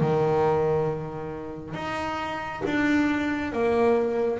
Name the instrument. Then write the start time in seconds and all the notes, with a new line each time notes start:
double bass
0.00 D#3
1.74 D#4
2.66 D4
3.53 A#3